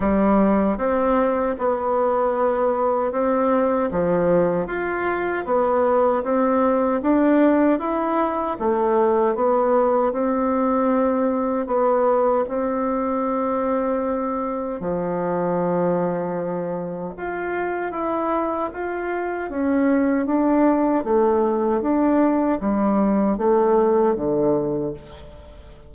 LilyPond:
\new Staff \with { instrumentName = "bassoon" } { \time 4/4 \tempo 4 = 77 g4 c'4 b2 | c'4 f4 f'4 b4 | c'4 d'4 e'4 a4 | b4 c'2 b4 |
c'2. f4~ | f2 f'4 e'4 | f'4 cis'4 d'4 a4 | d'4 g4 a4 d4 | }